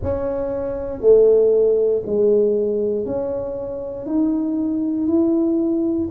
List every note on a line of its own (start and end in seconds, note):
0.02 1.00 C#4
1.00 2.02 A3
2.06 3.05 G#3
3.05 4.06 C#4
4.06 5.07 D#4
5.07 6.08 E4